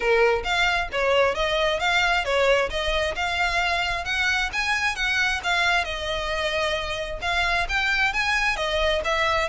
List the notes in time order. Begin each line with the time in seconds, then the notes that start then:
0.00 A#4
0.43 F5
0.91 C#5
1.35 D#5
1.79 F5
2.24 C#5
2.69 D#5
3.15 F5
4.04 F#5
4.52 G#5
4.95 F#5
5.43 F5
5.84 D#5
7.21 F5
7.69 G5
8.13 G#5
8.56 D#5
9.04 E5